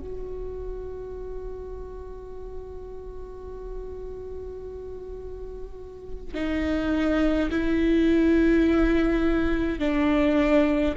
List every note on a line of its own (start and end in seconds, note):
0.00 6.35 F#4
6.35 7.50 D#4
7.51 9.79 E4
9.79 10.95 D4